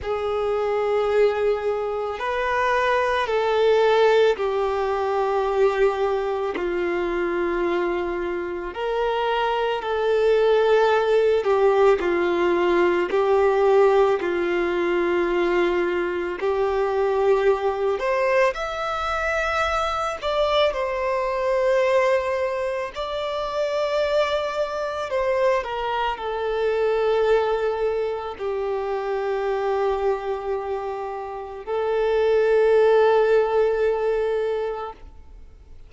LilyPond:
\new Staff \with { instrumentName = "violin" } { \time 4/4 \tempo 4 = 55 gis'2 b'4 a'4 | g'2 f'2 | ais'4 a'4. g'8 f'4 | g'4 f'2 g'4~ |
g'8 c''8 e''4. d''8 c''4~ | c''4 d''2 c''8 ais'8 | a'2 g'2~ | g'4 a'2. | }